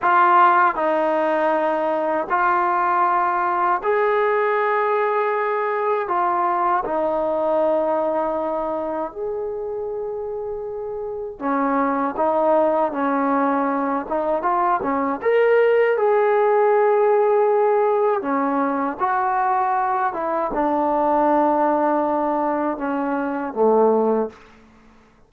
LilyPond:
\new Staff \with { instrumentName = "trombone" } { \time 4/4 \tempo 4 = 79 f'4 dis'2 f'4~ | f'4 gis'2. | f'4 dis'2. | gis'2. cis'4 |
dis'4 cis'4. dis'8 f'8 cis'8 | ais'4 gis'2. | cis'4 fis'4. e'8 d'4~ | d'2 cis'4 a4 | }